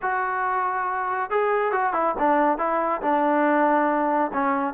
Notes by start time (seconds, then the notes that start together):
0.02 F#4
1.30 G#4
1.71 F#4
1.93 E4
2.18 D4
2.58 E4
3.01 D4
4.33 C#4